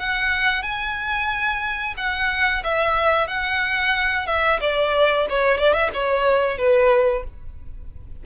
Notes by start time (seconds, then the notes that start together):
0.00 F#5
0.63 G#5
1.98 F#5
2.64 E5
3.28 F#5
4.27 E5
4.61 D5
5.30 C#5
5.58 D5
5.74 E5
5.94 C#5
6.58 B4